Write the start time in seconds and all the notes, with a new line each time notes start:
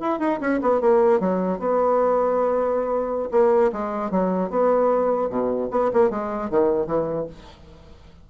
0.00 E4
0.20 D#4
0.40 C#4
0.62 B3
0.81 A#3
1.20 F#3
1.59 B3
3.32 A#3
3.73 G#3
4.11 F#3
4.50 B3
5.30 B2
5.71 B3
5.93 A#3
6.10 G#3
6.50 D#3
6.87 E3